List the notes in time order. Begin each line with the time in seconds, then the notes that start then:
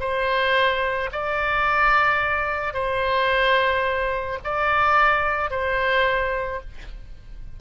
0.00 C5
1.12 D5
2.73 C5
4.44 D5
5.50 C5